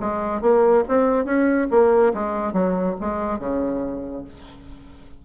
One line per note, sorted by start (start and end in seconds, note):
0.00 0.41 G#3
0.41 0.83 A#3
0.88 1.25 C4
1.25 1.67 C#4
1.70 2.13 A#3
2.13 2.52 G#3
2.52 2.95 F#3
3.00 3.39 G#3
3.39 4.24 C#3